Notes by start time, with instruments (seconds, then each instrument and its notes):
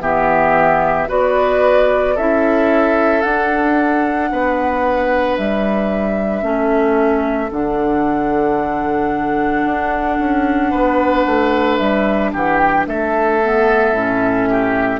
0.00 bassoon E3, clarinet B3, oboe G4, flute E5
1.08 bassoon B3, clarinet F#4, oboe B4, flute D5
2.15 bassoon C#4, clarinet E4, oboe A4, flute E5
3.21 clarinet D4, bassoon D4, flute F#5
4.31 bassoon B3, oboe B4
5.37 bassoon G3, flute E5
6.42 bassoon A3, clarinet C#4, oboe A4
7.51 bassoon D3, clarinet D4, flute F#5
9.65 bassoon D4
10.18 bassoon C#4
10.70 bassoon B3, oboe B4
11.25 bassoon A3
11.77 bassoon G3, flute E5
12.32 bassoon E3, oboe G4, flute F#5
12.56 flute G5
12.86 bassoon A3, oboe A4, flute E5
13.42 clarinet B3
13.91 bassoon A2, clarinet C#4
14.49 oboe G4